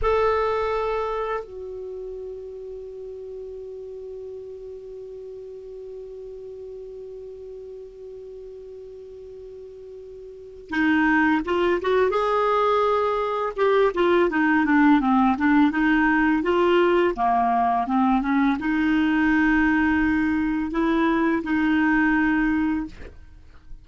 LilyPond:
\new Staff \with { instrumentName = "clarinet" } { \time 4/4 \tempo 4 = 84 a'2 fis'2~ | fis'1~ | fis'1~ | fis'2. dis'4 |
f'8 fis'8 gis'2 g'8 f'8 | dis'8 d'8 c'8 d'8 dis'4 f'4 | ais4 c'8 cis'8 dis'2~ | dis'4 e'4 dis'2 | }